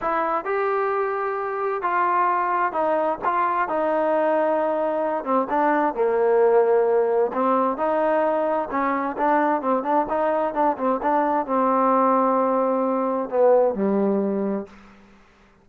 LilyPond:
\new Staff \with { instrumentName = "trombone" } { \time 4/4 \tempo 4 = 131 e'4 g'2. | f'2 dis'4 f'4 | dis'2.~ dis'8 c'8 | d'4 ais2. |
c'4 dis'2 cis'4 | d'4 c'8 d'8 dis'4 d'8 c'8 | d'4 c'2.~ | c'4 b4 g2 | }